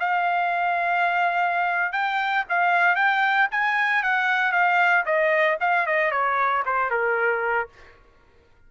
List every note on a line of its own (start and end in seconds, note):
0.00 1.93 F5
1.93 2.45 G5
2.50 2.96 F5
2.96 3.48 G5
3.51 4.03 G#5
4.03 4.52 F#5
4.52 5.05 F5
5.06 5.58 D#5
5.61 5.87 F5
5.87 6.12 D#5
6.12 6.64 C#5
6.66 6.91 C5
6.91 7.69 A#4